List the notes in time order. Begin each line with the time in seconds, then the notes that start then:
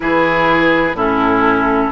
0.00 E3 E4 G#4 B4
0.93 A2 C#4 E4 A4